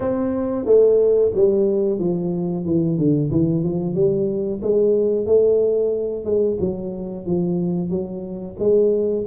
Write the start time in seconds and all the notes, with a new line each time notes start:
0.00 C4
0.65 A3
1.34 G3
1.99 F3
2.65 E3
2.98 D3
3.31 E3
3.63 F3
3.94 G3
4.62 G#3
5.26 A3
6.24 G#3
6.60 F#3
7.26 F3
7.90 F#3
8.59 G#3